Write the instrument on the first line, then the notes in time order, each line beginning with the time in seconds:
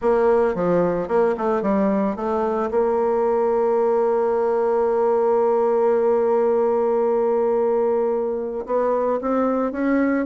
bassoon
0.01 A#3
0.55 F3
1.08 A#3
1.37 A3
1.62 G3
2.16 A3
2.71 A#3
8.65 B3
9.21 C4
9.71 C#4